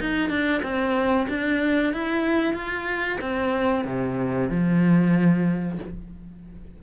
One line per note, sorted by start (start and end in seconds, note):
0.00 0.29 D#4
0.29 0.62 D4
0.63 1.27 C4
1.29 1.93 D4
1.93 2.54 E4
2.54 3.18 F4
3.21 3.85 C4
3.85 4.50 C3
4.50 5.79 F3